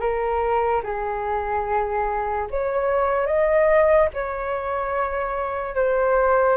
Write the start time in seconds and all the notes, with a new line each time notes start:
0.00 A#4
0.83 G#4
2.50 C#5
3.27 D#5
4.14 C#5
5.75 C5